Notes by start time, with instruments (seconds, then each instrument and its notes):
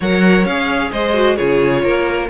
0.00 cello F#3, viola A#4, violin C#5 F#5
0.45 cello C#4, viola G#4, violin F5
0.91 cello G#3, violin C5 D#5
1.13 viola F#4
1.36 cello C#3, viola F4, violin G#4 C#5
1.83 cello A#3, violin A#4